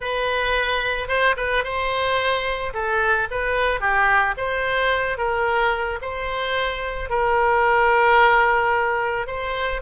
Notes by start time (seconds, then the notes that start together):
0.00 B4
1.08 C5
1.36 B4
1.64 C5
2.73 A4
3.30 B4
3.80 G4
4.37 C5
5.17 A#4
6.01 C5
7.09 A#4
9.26 C5